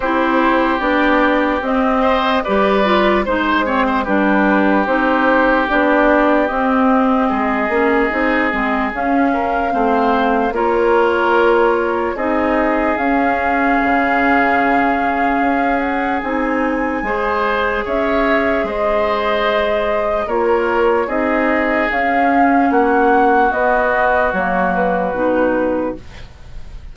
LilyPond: <<
  \new Staff \with { instrumentName = "flute" } { \time 4/4 \tempo 4 = 74 c''4 d''4 dis''4 d''4 | c''4 b'4 c''4 d''4 | dis''2. f''4~ | f''4 cis''2 dis''4 |
f''2.~ f''8 fis''8 | gis''2 e''4 dis''4~ | dis''4 cis''4 dis''4 f''4 | fis''4 dis''4 cis''8 b'4. | }
  \new Staff \with { instrumentName = "oboe" } { \time 4/4 g'2~ g'8 c''8 b'4 | c''8 cis''16 c''16 g'2.~ | g'4 gis'2~ gis'8 ais'8 | c''4 ais'2 gis'4~ |
gis'1~ | gis'4 c''4 cis''4 c''4~ | c''4 ais'4 gis'2 | fis'1 | }
  \new Staff \with { instrumentName = "clarinet" } { \time 4/4 e'4 d'4 c'4 g'8 f'8 | dis'8 c'8 d'4 dis'4 d'4 | c'4. cis'8 dis'8 c'8 cis'4 | c'4 f'2 dis'4 |
cis'1 | dis'4 gis'2.~ | gis'4 f'4 dis'4 cis'4~ | cis'4 b4 ais4 dis'4 | }
  \new Staff \with { instrumentName = "bassoon" } { \time 4/4 c'4 b4 c'4 g4 | gis4 g4 c'4 b4 | c'4 gis8 ais8 c'8 gis8 cis'4 | a4 ais2 c'4 |
cis'4 cis2 cis'4 | c'4 gis4 cis'4 gis4~ | gis4 ais4 c'4 cis'4 | ais4 b4 fis4 b,4 | }
>>